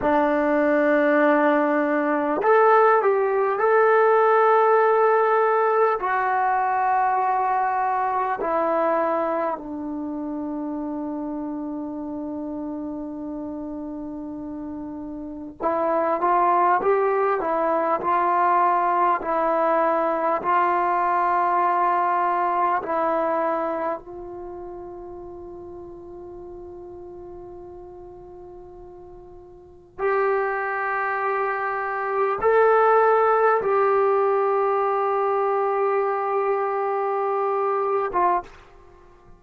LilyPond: \new Staff \with { instrumentName = "trombone" } { \time 4/4 \tempo 4 = 50 d'2 a'8 g'8 a'4~ | a'4 fis'2 e'4 | d'1~ | d'4 e'8 f'8 g'8 e'8 f'4 |
e'4 f'2 e'4 | f'1~ | f'4 g'2 a'4 | g'2.~ g'8. f'16 | }